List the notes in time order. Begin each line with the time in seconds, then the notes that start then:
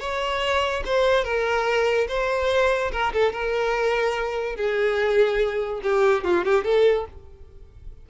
0.00 C#5
0.86 C5
1.24 A#4
2.08 C5
2.92 A#4
3.13 A4
3.33 A#4
4.56 G#4
5.83 G4
6.25 F4
6.45 G4
6.64 A4